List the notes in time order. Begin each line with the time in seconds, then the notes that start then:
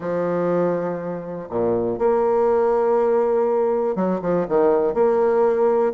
0.00 F3
1.49 A#2
1.98 A#3
3.95 F#3
4.21 F3
4.48 D#3
4.94 A#3